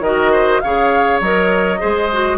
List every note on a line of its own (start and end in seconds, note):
0.00 0.59 D#3
0.00 0.63 F#4
0.00 0.32 A#4
0.00 0.61 D#5
0.32 0.62 C5
0.61 1.21 C#3
0.61 1.23 G#4
0.61 1.80 C#5
0.61 1.20 F5
1.21 1.80 F#3
1.21 1.79 A#4
1.21 2.38 D#5
1.79 2.38 G#3
1.79 2.09 G#4
1.79 2.38 C5
2.13 2.38 F#4